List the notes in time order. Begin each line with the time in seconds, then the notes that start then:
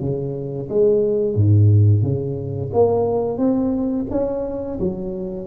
0.00 C#3
0.69 G#3
1.35 G#2
2.03 C#3
2.73 A#3
3.38 C4
4.11 C#4
4.79 F#3